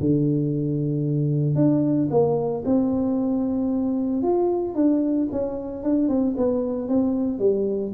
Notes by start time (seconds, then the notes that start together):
0.00 D3
1.55 D4
2.11 A#3
2.65 C4
4.22 F4
4.75 D4
5.32 C#4
5.83 D4
6.09 C4
6.37 B3
6.89 C4
7.39 G3